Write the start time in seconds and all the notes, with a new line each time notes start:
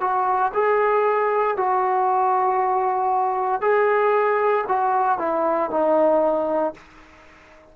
0.00 F#4
0.54 G#4
1.56 F#4
3.61 G#4
4.67 F#4
5.18 E4
5.70 D#4